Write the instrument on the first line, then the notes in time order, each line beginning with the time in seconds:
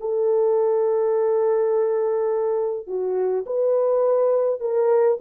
horn
0.00 A4
2.87 F#4
3.46 B4
4.60 A#4